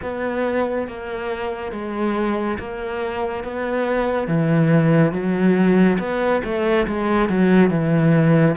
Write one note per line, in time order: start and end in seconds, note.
0.02 0.87 B3
0.87 1.72 A#3
1.72 2.58 G#3
2.58 3.44 A#3
3.44 4.27 B3
4.27 5.12 E3
5.12 5.98 F#3
5.98 6.41 B3
6.44 6.86 A3
6.86 7.29 G#3
7.29 7.69 F#3
7.69 8.55 E3